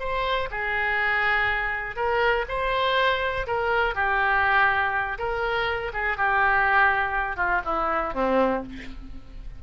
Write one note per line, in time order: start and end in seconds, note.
0.00 0.49 C5
0.51 1.96 G#4
1.96 2.45 A#4
2.49 3.47 C5
3.47 3.95 A#4
3.95 5.18 G4
5.19 5.93 A#4
5.94 6.18 G#4
6.18 7.37 G4
7.37 7.62 F4
7.65 8.14 E4
8.14 8.64 C4